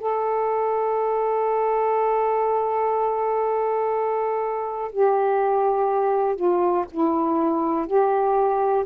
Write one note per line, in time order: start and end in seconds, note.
0.00 4.92 A4
4.92 6.36 G4
6.36 6.85 F4
6.92 7.87 E4
7.87 8.85 G4